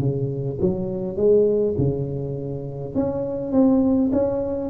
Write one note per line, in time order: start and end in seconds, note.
0.00 0.59 C#3
0.61 1.17 F#3
1.17 1.76 G#3
1.78 2.96 C#3
2.96 3.53 C#4
3.53 4.11 C4
4.13 4.71 C#4